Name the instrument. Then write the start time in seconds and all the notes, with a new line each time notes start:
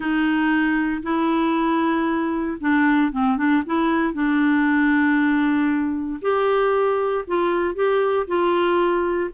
clarinet
0.00 D#4
1.02 E4
2.60 D4
3.12 C4
3.37 D4
3.65 E4
4.13 D4
6.21 G4
7.27 F4
7.74 G4
8.27 F4